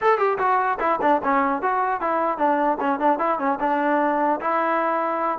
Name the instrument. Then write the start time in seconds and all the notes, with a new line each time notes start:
trombone
0.01 A4
0.17 G4
0.38 F#4
0.79 E4
1.01 D4
1.23 C#4
1.62 F#4
2.00 E4
2.38 D4
2.80 C#4
2.99 D4
3.19 E4
3.38 C#4
3.60 D4
4.40 E4